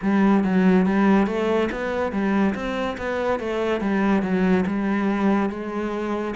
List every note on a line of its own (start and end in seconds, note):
0.02 0.43 G3
0.43 0.86 F#3
0.86 1.26 G3
1.26 1.69 A3
1.71 2.12 B3
2.12 2.54 G3
2.54 2.97 C4
2.97 3.39 B3
3.39 3.80 A3
3.80 4.22 G3
4.22 4.64 F#3
4.66 5.49 G3
5.49 6.34 G#3